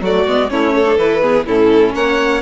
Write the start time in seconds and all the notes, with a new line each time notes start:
0.00 F#3 A3 F#4 D5
0.27 G#3 B3
0.49 A3 C#4 E4 C#5
0.75 A4
0.86 D4
0.97 E3 E4 B4
1.22 B3 G#4
1.46 A2 C#4 E4 A4
1.94 A#3 C#5 F#5